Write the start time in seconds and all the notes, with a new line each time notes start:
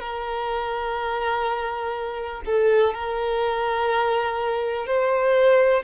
0.00 A#4
2.45 A4
2.94 A#4
4.86 C5